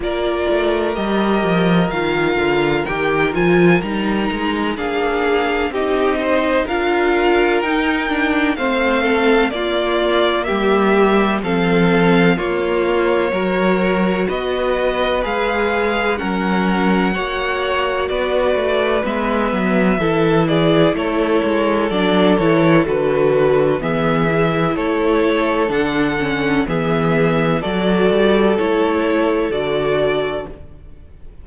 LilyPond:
<<
  \new Staff \with { instrumentName = "violin" } { \time 4/4 \tempo 4 = 63 d''4 dis''4 f''4 g''8 gis''8 | ais''4 f''4 dis''4 f''4 | g''4 f''4 d''4 e''4 | f''4 cis''2 dis''4 |
f''4 fis''2 d''4 | e''4. d''8 cis''4 d''8 cis''8 | b'4 e''4 cis''4 fis''4 | e''4 d''4 cis''4 d''4 | }
  \new Staff \with { instrumentName = "violin" } { \time 4/4 ais'1~ | ais'4 gis'4 g'8 c''8 ais'4~ | ais'4 c''8 a'8 f'4 g'4 | a'4 f'4 ais'4 b'4~ |
b'4 ais'4 cis''4 b'4~ | b'4 a'8 gis'8 a'2~ | a'4 gis'4 a'2 | gis'4 a'2. | }
  \new Staff \with { instrumentName = "viola" } { \time 4/4 f'4 g'4 f'4 g'8 f'8 | dis'4 d'4 dis'4 f'4 | dis'8 d'8 c'4 ais2 | c'4 ais4 fis'2 |
gis'4 cis'4 fis'2 | b4 e'2 d'8 e'8 | fis'4 b8 e'4. d'8 cis'8 | b4 fis'4 e'4 fis'4 | }
  \new Staff \with { instrumentName = "cello" } { \time 4/4 ais8 a8 g8 f8 dis8 d8 dis8 f8 | g8 gis8 ais4 c'4 d'4 | dis'4 a4 ais4 g4 | f4 ais4 fis4 b4 |
gis4 fis4 ais4 b8 a8 | gis8 fis8 e4 a8 gis8 fis8 e8 | d4 e4 a4 d4 | e4 fis8 g8 a4 d4 | }
>>